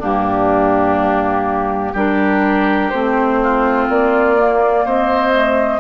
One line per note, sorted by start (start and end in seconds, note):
0.00 1.95 G2
0.00 1.96 A#3
0.00 1.93 D4
0.00 1.97 G4
1.93 2.91 G3
1.93 2.93 D4
1.93 3.38 G4
1.93 2.90 A#4
2.90 3.89 A3
2.90 4.37 C4
2.90 3.87 C5
3.43 4.86 F4
3.89 4.86 A#3
3.89 4.87 D5
4.37 5.33 A#3
4.86 5.80 C4
4.86 5.80 C5
4.86 5.80 D#5
5.33 5.80 A3